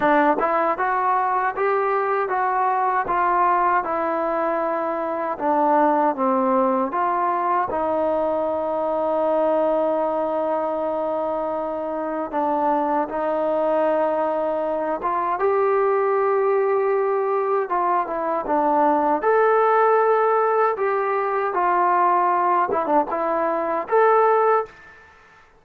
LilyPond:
\new Staff \with { instrumentName = "trombone" } { \time 4/4 \tempo 4 = 78 d'8 e'8 fis'4 g'4 fis'4 | f'4 e'2 d'4 | c'4 f'4 dis'2~ | dis'1 |
d'4 dis'2~ dis'8 f'8 | g'2. f'8 e'8 | d'4 a'2 g'4 | f'4. e'16 d'16 e'4 a'4 | }